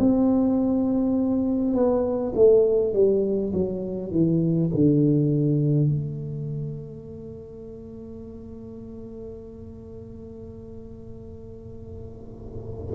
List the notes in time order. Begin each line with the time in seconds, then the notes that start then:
0.00 C4
1.74 B3
2.35 A3
2.94 G3
3.53 F#3
4.11 E3
4.74 D3
5.89 A3